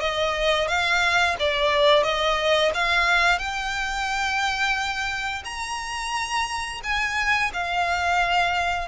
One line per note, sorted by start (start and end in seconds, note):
0.00 0.68 D#5
0.68 1.36 F5
1.39 2.03 D5
2.03 2.71 D#5
2.74 3.39 F5
3.39 5.43 G5
5.45 6.81 A#5
6.83 7.52 G#5
7.53 8.88 F5